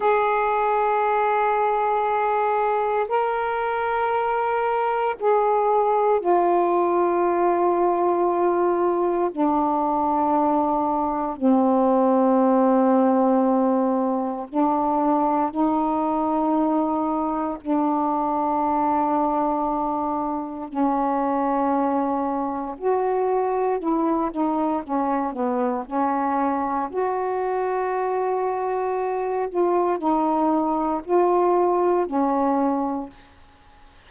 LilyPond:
\new Staff \with { instrumentName = "saxophone" } { \time 4/4 \tempo 4 = 58 gis'2. ais'4~ | ais'4 gis'4 f'2~ | f'4 d'2 c'4~ | c'2 d'4 dis'4~ |
dis'4 d'2. | cis'2 fis'4 e'8 dis'8 | cis'8 b8 cis'4 fis'2~ | fis'8 f'8 dis'4 f'4 cis'4 | }